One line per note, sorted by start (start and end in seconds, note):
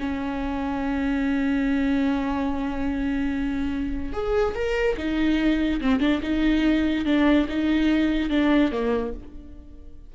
0.00 4.13 C#4
4.13 4.55 G#4
4.55 4.97 A#4
4.98 5.81 D#4
5.81 6.00 C4
6.00 6.21 D4
6.22 7.06 D#4
7.06 7.48 D4
7.49 8.30 D#4
8.30 8.72 D4
8.72 9.14 A#3